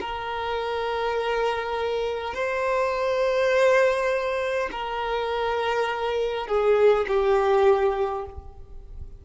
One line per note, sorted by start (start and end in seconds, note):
0.00 2.34 A#4
2.34 4.69 C5
4.72 6.47 A#4
6.47 7.06 G#4
7.07 8.25 G4